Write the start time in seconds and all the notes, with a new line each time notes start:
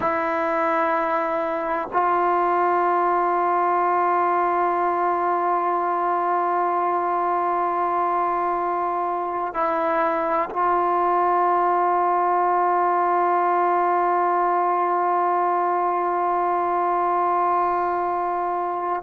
0.00 E4
1.93 F4
9.54 E4
10.49 F4